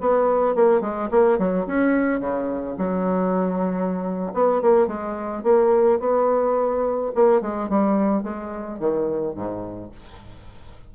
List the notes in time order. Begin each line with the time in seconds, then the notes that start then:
0.00 B3
0.55 A#3
0.81 G#3
1.11 A#3
1.38 F#3
1.67 C#4
2.20 C#3
2.78 F#3
4.33 B3
4.61 A#3
4.87 G#3
5.43 A#3
5.99 B3
7.14 A#3
7.41 G#3
7.69 G3
8.23 G#3
8.79 D#3
9.35 G#2